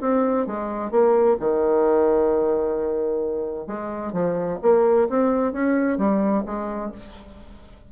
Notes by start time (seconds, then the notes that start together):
0.00 C4
0.46 G#3
0.90 A#3
1.39 D#3
3.67 G#3
4.12 F3
4.62 A#3
5.09 C4
5.52 C#4
5.97 G3
6.45 G#3